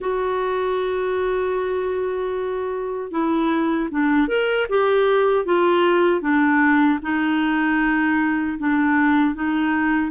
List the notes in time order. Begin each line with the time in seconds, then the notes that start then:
0.00 F#4
3.11 E4
3.90 D4
4.28 A#4
4.69 G4
5.45 F4
6.21 D4
7.02 D#4
8.58 D4
9.35 D#4